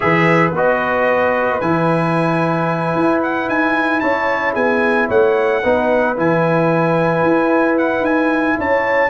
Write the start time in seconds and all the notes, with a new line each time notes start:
0.00 E3 G#4 B4 E5
0.51 B3 F#4 D#5
1.60 E3 E4 G#5
2.95 E4
3.22 F#5
3.48 D#4 G#5
4.00 C#4 C#5 A5
4.53 B3 G#4 G#5
5.08 A3 C#5 F#5
5.63 B3 D#4 B4
6.17 E3 E4 G#5
7.22 E4
7.78 F#5
8.00 D#4 G#5
8.58 C#4 C#5 A5